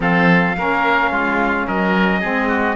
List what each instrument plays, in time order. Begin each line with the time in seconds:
0.00 cello F3, saxophone C4, oboe A4, trumpet F5
0.56 cello A#3, saxophone C#4, oboe A#4
1.11 cello G#3, oboe F4
1.67 cello F#3, oboe A#4, trumpet D#5
2.20 cello G#3, saxophone C4, oboe G#4
2.48 oboe F#4